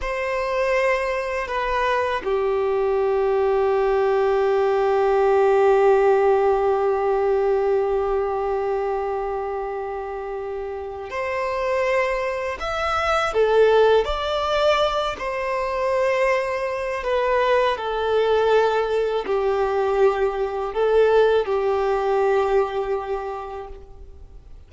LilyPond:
\new Staff \with { instrumentName = "violin" } { \time 4/4 \tempo 4 = 81 c''2 b'4 g'4~ | g'1~ | g'1~ | g'2. c''4~ |
c''4 e''4 a'4 d''4~ | d''8 c''2~ c''8 b'4 | a'2 g'2 | a'4 g'2. | }